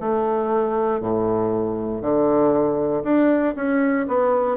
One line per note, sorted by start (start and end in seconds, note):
0.00 1.01 A3
1.01 2.02 A2
2.02 3.04 D3
3.04 3.55 D4
3.55 4.06 C#4
4.08 4.57 B3